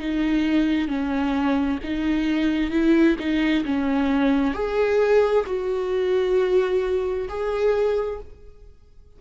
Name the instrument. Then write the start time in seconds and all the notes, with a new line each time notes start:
viola
0.00 D#4
0.88 C#4
1.84 D#4
2.71 E4
3.19 D#4
3.66 C#4
4.55 G#4
5.47 F#4
7.29 G#4